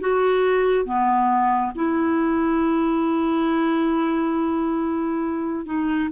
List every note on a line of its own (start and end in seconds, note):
0.00 0.85 F#4
0.85 1.72 B3
1.75 5.66 E4
5.66 6.09 D#4